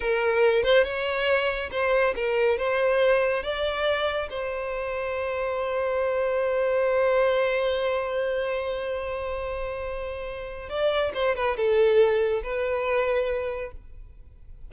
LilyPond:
\new Staff \with { instrumentName = "violin" } { \time 4/4 \tempo 4 = 140 ais'4. c''8 cis''2 | c''4 ais'4 c''2 | d''2 c''2~ | c''1~ |
c''1~ | c''1~ | c''4 d''4 c''8 b'8 a'4~ | a'4 b'2. | }